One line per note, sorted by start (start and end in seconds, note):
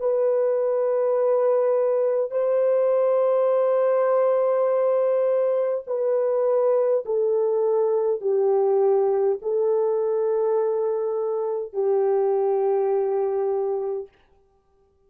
0.00 2.31 B4
2.31 5.84 C5
5.87 7.05 B4
7.05 8.21 A4
8.21 9.39 G4
9.42 11.73 A4
11.73 14.09 G4